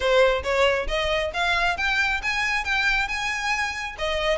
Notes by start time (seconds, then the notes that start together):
0.00 C5
0.43 C#5
0.87 D#5
1.33 F5
1.77 G5
2.22 G#5
2.64 G5
3.08 G#5
3.98 D#5